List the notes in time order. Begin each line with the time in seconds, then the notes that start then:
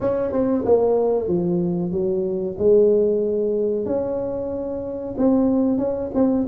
0.00 C#4
0.32 C4
0.65 A#3
1.27 F3
1.91 F#3
2.58 G#3
3.85 C#4
5.17 C4
5.77 C#4
6.14 C4